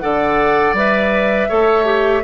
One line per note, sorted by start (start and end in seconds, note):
0.00 0.73 D3
0.00 0.76 A4
0.00 1.49 D5
0.00 0.74 F#5
0.73 1.48 G3
0.73 1.50 B4
0.73 2.24 E5
1.49 2.24 A3
1.49 1.85 A4
1.49 2.23 C#5
1.85 2.22 G4